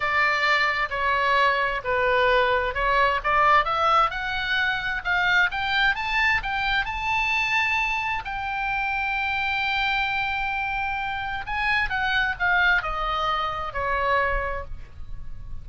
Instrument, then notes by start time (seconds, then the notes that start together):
oboe
0.00 D5
0.90 C#5
1.84 B4
2.74 C#5
3.23 D5
3.64 E5
4.10 F#5
5.04 F5
5.51 G5
5.95 A5
6.42 G5
6.85 A5
8.24 G5
11.46 G#5
11.89 F#5
12.39 F5
12.82 D#5
13.73 C#5